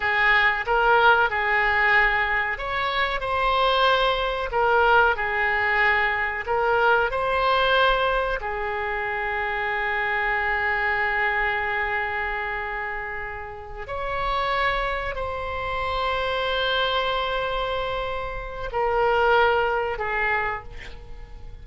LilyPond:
\new Staff \with { instrumentName = "oboe" } { \time 4/4 \tempo 4 = 93 gis'4 ais'4 gis'2 | cis''4 c''2 ais'4 | gis'2 ais'4 c''4~ | c''4 gis'2.~ |
gis'1~ | gis'4. cis''2 c''8~ | c''1~ | c''4 ais'2 gis'4 | }